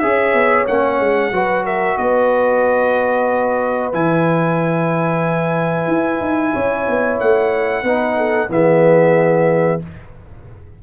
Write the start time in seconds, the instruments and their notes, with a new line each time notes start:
0.00 tuba C#4, trombone G#4, horn C#5, trumpet E5
0.34 tuba B3
0.68 tuba A#3, trombone C#4, trumpet F#5
1.00 tuba G#3
1.32 tuba F#3, trombone F#4, horn B4
1.65 horn A#4, trumpet E5
1.98 tuba B3, horn B4, trumpet D#5
3.93 tuba E3, trombone E4, trumpet G#5
5.88 tuba E4
6.21 tuba D#4
6.54 tuba C#4, horn C#5
6.88 tuba B3
7.20 tuba A3, trumpet F#5
7.84 tuba B3, trombone D#4, horn B4
8.18 horn A4
8.49 tuba E3, trombone B3, horn G#4, trumpet E5